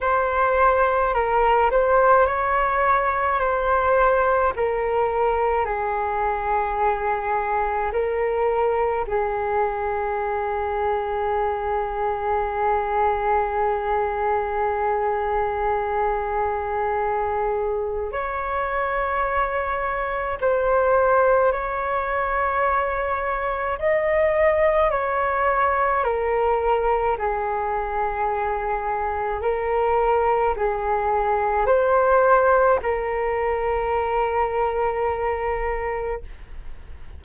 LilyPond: \new Staff \with { instrumentName = "flute" } { \time 4/4 \tempo 4 = 53 c''4 ais'8 c''8 cis''4 c''4 | ais'4 gis'2 ais'4 | gis'1~ | gis'1 |
cis''2 c''4 cis''4~ | cis''4 dis''4 cis''4 ais'4 | gis'2 ais'4 gis'4 | c''4 ais'2. | }